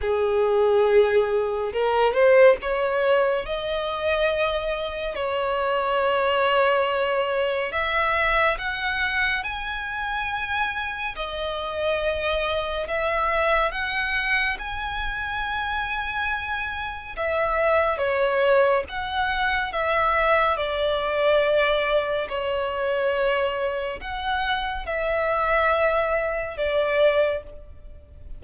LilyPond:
\new Staff \with { instrumentName = "violin" } { \time 4/4 \tempo 4 = 70 gis'2 ais'8 c''8 cis''4 | dis''2 cis''2~ | cis''4 e''4 fis''4 gis''4~ | gis''4 dis''2 e''4 |
fis''4 gis''2. | e''4 cis''4 fis''4 e''4 | d''2 cis''2 | fis''4 e''2 d''4 | }